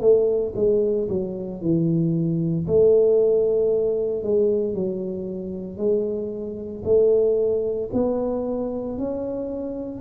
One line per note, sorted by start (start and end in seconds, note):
0.00 0.53 A3
0.55 1.08 G#3
1.08 1.61 F#3
1.61 2.67 E3
2.67 4.23 A3
4.23 4.74 G#3
4.74 5.77 F#3
5.77 6.82 G#3
6.84 7.89 A3
7.93 8.98 B3
8.98 10.01 C#4